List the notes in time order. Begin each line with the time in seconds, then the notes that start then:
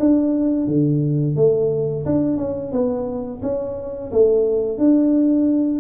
0.00 D4
0.68 D3
1.36 A3
2.06 D4
2.38 C#4
2.72 B3
3.43 C#4
4.12 A3
4.78 D4